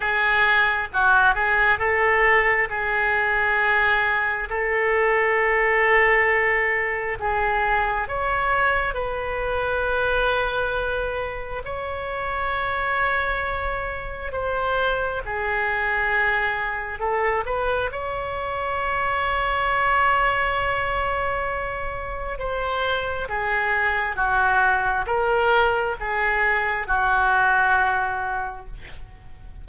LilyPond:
\new Staff \with { instrumentName = "oboe" } { \time 4/4 \tempo 4 = 67 gis'4 fis'8 gis'8 a'4 gis'4~ | gis'4 a'2. | gis'4 cis''4 b'2~ | b'4 cis''2. |
c''4 gis'2 a'8 b'8 | cis''1~ | cis''4 c''4 gis'4 fis'4 | ais'4 gis'4 fis'2 | }